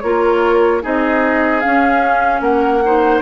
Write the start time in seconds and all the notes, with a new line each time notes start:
0.00 A#3 F4 A#4 C#5
0.82 C4 D#4 G#4 D#5
1.60 C#4 F5
2.40 A#3 A#4 F#5
2.85 D#4 C5